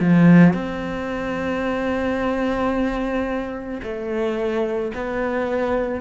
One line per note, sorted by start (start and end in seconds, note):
0.00 0.54 F3
0.54 3.81 C4
3.83 4.92 A3
4.95 6.01 B3